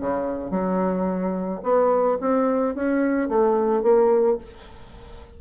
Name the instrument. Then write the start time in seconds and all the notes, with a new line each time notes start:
bassoon
0.00 C#3
0.51 F#3
1.63 B3
2.20 C4
2.75 C#4
3.29 A3
3.82 A#3